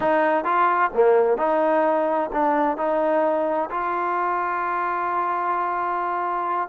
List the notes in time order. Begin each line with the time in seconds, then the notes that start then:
0.00 D#4
0.44 F4
0.93 A#3
1.37 D#4
2.32 D4
2.77 D#4
3.70 F4